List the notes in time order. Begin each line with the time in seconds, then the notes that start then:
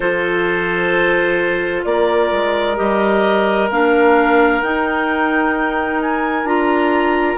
0.00 F3 F4 A4 C5
1.84 A#3 A#4 D5
2.31 G#3
2.76 G3 G4 D#5
3.70 A#3 D4 F5
4.62 D#4 G5
6.01 G#5
6.43 D4 F4 A#5